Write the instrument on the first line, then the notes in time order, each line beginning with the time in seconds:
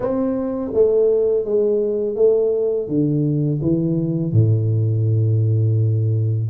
tuba
0.00 C4
0.73 A3
1.44 G#3
2.15 A3
2.88 D3
3.61 E3
4.32 A2